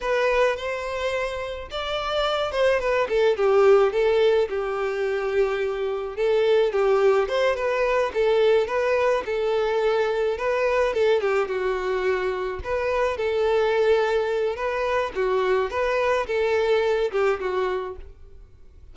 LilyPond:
\new Staff \with { instrumentName = "violin" } { \time 4/4 \tempo 4 = 107 b'4 c''2 d''4~ | d''8 c''8 b'8 a'8 g'4 a'4 | g'2. a'4 | g'4 c''8 b'4 a'4 b'8~ |
b'8 a'2 b'4 a'8 | g'8 fis'2 b'4 a'8~ | a'2 b'4 fis'4 | b'4 a'4. g'8 fis'4 | }